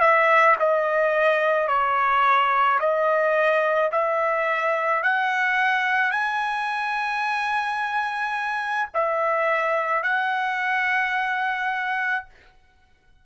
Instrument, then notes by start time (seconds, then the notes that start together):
trumpet
0.00 E5
0.59 D#5
1.68 C#5
2.80 D#5
3.91 E5
5.03 F#5
6.11 G#5
8.94 E5
10.03 F#5